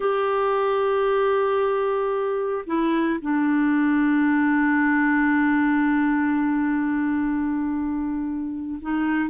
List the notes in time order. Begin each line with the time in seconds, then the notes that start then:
0.00 G4
2.66 E4
3.21 D4
8.81 D#4